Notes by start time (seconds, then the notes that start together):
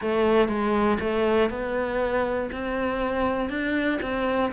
0.01 A3
0.48 G#3
1.00 A3
1.50 B3
2.51 C4
3.49 D4
4.02 C4